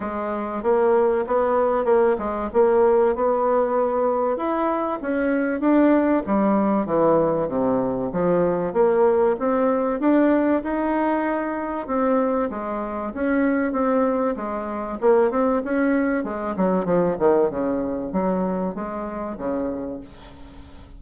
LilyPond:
\new Staff \with { instrumentName = "bassoon" } { \time 4/4 \tempo 4 = 96 gis4 ais4 b4 ais8 gis8 | ais4 b2 e'4 | cis'4 d'4 g4 e4 | c4 f4 ais4 c'4 |
d'4 dis'2 c'4 | gis4 cis'4 c'4 gis4 | ais8 c'8 cis'4 gis8 fis8 f8 dis8 | cis4 fis4 gis4 cis4 | }